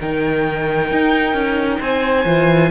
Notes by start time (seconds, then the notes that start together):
0.00 D#3 D#4 A#4 G5
0.91 D#4
1.33 C#4
1.80 C4 C5 G#5
2.25 E3 F4